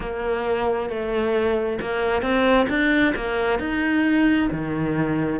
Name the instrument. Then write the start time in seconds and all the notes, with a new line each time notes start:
cello
0.00 A#3
0.90 A3
1.80 A#3
2.21 C4
2.69 D4
3.15 A#3
3.59 D#4
4.51 D#3